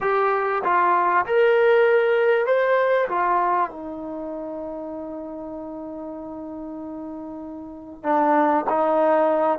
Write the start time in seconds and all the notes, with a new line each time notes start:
0.01 G4
0.64 F4
1.26 A#4
2.46 C5
3.08 F4
3.70 D#4
8.03 D4
8.69 D#4